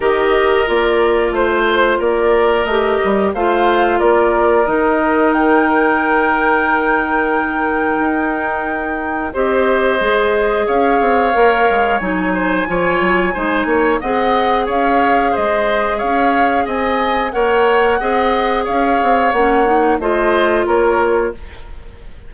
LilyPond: <<
  \new Staff \with { instrumentName = "flute" } { \time 4/4 \tempo 4 = 90 dis''4 d''4 c''4 d''4 | dis''4 f''4 d''4 dis''4 | g''1~ | g''2 dis''2 |
f''2 gis''2~ | gis''4 fis''4 f''4 dis''4 | f''4 gis''4 fis''2 | f''4 fis''4 dis''4 cis''4 | }
  \new Staff \with { instrumentName = "oboe" } { \time 4/4 ais'2 c''4 ais'4~ | ais'4 c''4 ais'2~ | ais'1~ | ais'2 c''2 |
cis''2~ cis''8 c''8 cis''4 | c''8 cis''8 dis''4 cis''4 c''4 | cis''4 dis''4 cis''4 dis''4 | cis''2 c''4 ais'4 | }
  \new Staff \with { instrumentName = "clarinet" } { \time 4/4 g'4 f'2. | g'4 f'2 dis'4~ | dis'1~ | dis'2 g'4 gis'4~ |
gis'4 ais'4 dis'4 f'4 | dis'4 gis'2.~ | gis'2 ais'4 gis'4~ | gis'4 cis'8 dis'8 f'2 | }
  \new Staff \with { instrumentName = "bassoon" } { \time 4/4 dis4 ais4 a4 ais4 | a8 g8 a4 ais4 dis4~ | dis1 | dis'2 c'4 gis4 |
cis'8 c'8 ais8 gis8 fis4 f8 fis8 | gis8 ais8 c'4 cis'4 gis4 | cis'4 c'4 ais4 c'4 | cis'8 c'8 ais4 a4 ais4 | }
>>